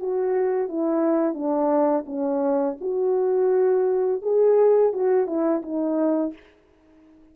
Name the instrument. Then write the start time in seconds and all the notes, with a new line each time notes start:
horn
0.00 F#4
0.69 E4
1.34 D4
2.07 C#4
2.81 F#4
4.23 G#4
4.93 F#4
5.27 E4
5.63 D#4